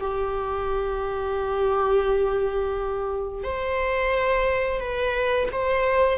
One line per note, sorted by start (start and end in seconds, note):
0.00 3.44 G4
3.44 4.80 C5
4.80 5.49 B4
5.52 6.18 C5